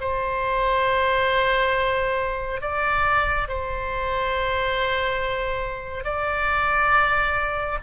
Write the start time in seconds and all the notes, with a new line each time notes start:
0.00 C5
2.61 D5
3.48 C5
6.04 D5